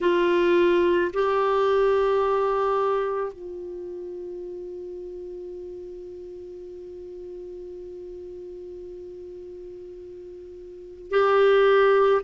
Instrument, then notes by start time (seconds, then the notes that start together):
clarinet
0.00 F4
1.13 G4
3.32 F4
11.10 G4